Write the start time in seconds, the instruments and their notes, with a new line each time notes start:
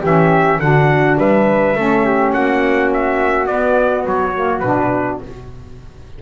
0.00 double bass E3, saxophone C#4, flute G4, trumpet E5
0.59 double bass D3, saxophone D4, flute F#4, trumpet F#5
1.17 double bass G3, flute B4, trumpet E5
1.75 double bass A3, saxophone C#4, flute A4
2.05 flute G4
2.33 double bass A#3, flute F#4, trumpet F#5
2.93 trumpet E5
3.46 saxophone B3, double bass B3, trumpet D5
4.05 double bass F#3, trumpet C#5
4.34 saxophone A#3
4.60 double bass B2, saxophone D4, trumpet B4